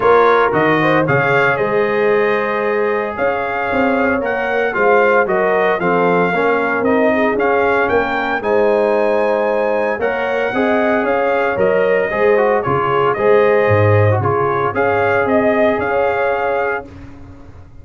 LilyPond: <<
  \new Staff \with { instrumentName = "trumpet" } { \time 4/4 \tempo 4 = 114 cis''4 dis''4 f''4 dis''4~ | dis''2 f''2 | fis''4 f''4 dis''4 f''4~ | f''4 dis''4 f''4 g''4 |
gis''2. fis''4~ | fis''4 f''4 dis''2 | cis''4 dis''2 cis''4 | f''4 dis''4 f''2 | }
  \new Staff \with { instrumentName = "horn" } { \time 4/4 ais'4. c''8 cis''4 c''4~ | c''2 cis''2~ | cis''4 c''4 ais'4 a'4 | ais'4. gis'4. ais'4 |
c''2. cis''4 | dis''4 cis''2 c''4 | gis'4 c''2 gis'4 | cis''4 dis''4 cis''2 | }
  \new Staff \with { instrumentName = "trombone" } { \time 4/4 f'4 fis'4 gis'2~ | gis'1 | ais'4 f'4 fis'4 c'4 | cis'4 dis'4 cis'2 |
dis'2. ais'4 | gis'2 ais'4 gis'8 fis'8 | f'4 gis'4.~ gis'16 fis'16 f'4 | gis'1 | }
  \new Staff \with { instrumentName = "tuba" } { \time 4/4 ais4 dis4 cis4 gis4~ | gis2 cis'4 c'4 | ais4 gis4 fis4 f4 | ais4 c'4 cis'4 ais4 |
gis2. ais4 | c'4 cis'4 fis4 gis4 | cis4 gis4 gis,4 cis4 | cis'4 c'4 cis'2 | }
>>